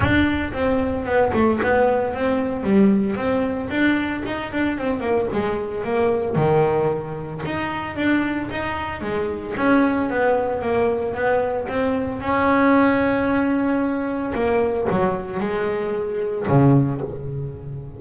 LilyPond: \new Staff \with { instrumentName = "double bass" } { \time 4/4 \tempo 4 = 113 d'4 c'4 b8 a8 b4 | c'4 g4 c'4 d'4 | dis'8 d'8 c'8 ais8 gis4 ais4 | dis2 dis'4 d'4 |
dis'4 gis4 cis'4 b4 | ais4 b4 c'4 cis'4~ | cis'2. ais4 | fis4 gis2 cis4 | }